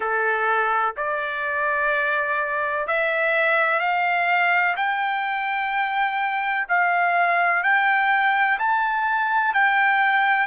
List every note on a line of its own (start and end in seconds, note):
0.00 0.94 A4
0.97 2.87 D5
2.87 3.79 E5
3.79 4.74 F5
4.76 6.67 G5
6.68 7.63 F5
7.63 8.58 G5
8.58 9.54 A5
9.54 10.46 G5